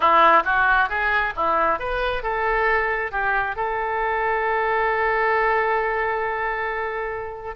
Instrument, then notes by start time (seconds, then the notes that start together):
oboe
0.00 E4
0.44 F#4
0.89 G#4
1.36 E4
1.79 B4
2.22 A4
3.11 G4
3.56 A4